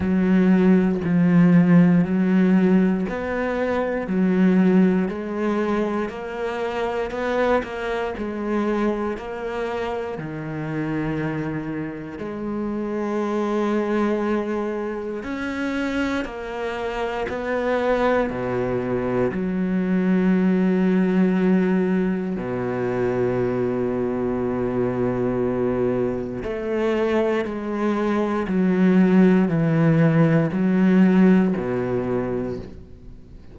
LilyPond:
\new Staff \with { instrumentName = "cello" } { \time 4/4 \tempo 4 = 59 fis4 f4 fis4 b4 | fis4 gis4 ais4 b8 ais8 | gis4 ais4 dis2 | gis2. cis'4 |
ais4 b4 b,4 fis4~ | fis2 b,2~ | b,2 a4 gis4 | fis4 e4 fis4 b,4 | }